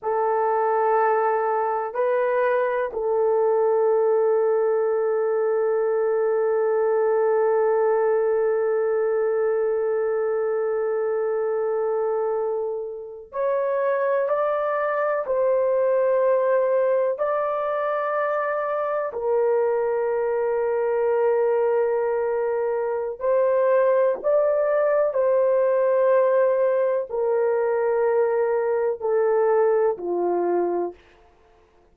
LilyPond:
\new Staff \with { instrumentName = "horn" } { \time 4/4 \tempo 4 = 62 a'2 b'4 a'4~ | a'1~ | a'1~ | a'4.~ a'16 cis''4 d''4 c''16~ |
c''4.~ c''16 d''2 ais'16~ | ais'1 | c''4 d''4 c''2 | ais'2 a'4 f'4 | }